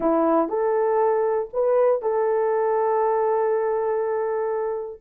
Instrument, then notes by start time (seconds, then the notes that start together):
horn
0.00 E4
0.48 A4
1.53 B4
2.01 A4